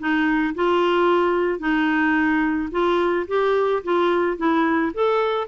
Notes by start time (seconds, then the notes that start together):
0.00 D#4
0.55 F4
1.60 D#4
2.72 F4
3.28 G4
3.84 F4
4.38 E4
4.94 A4